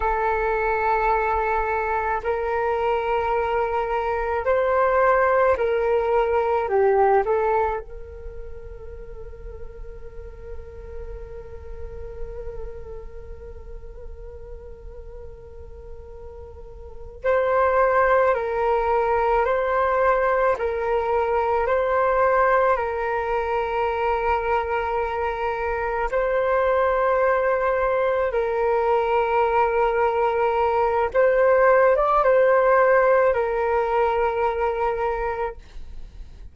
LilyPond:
\new Staff \with { instrumentName = "flute" } { \time 4/4 \tempo 4 = 54 a'2 ais'2 | c''4 ais'4 g'8 a'8 ais'4~ | ais'1~ | ais'2.~ ais'8 c''8~ |
c''8 ais'4 c''4 ais'4 c''8~ | c''8 ais'2. c''8~ | c''4. ais'2~ ais'8 | c''8. d''16 c''4 ais'2 | }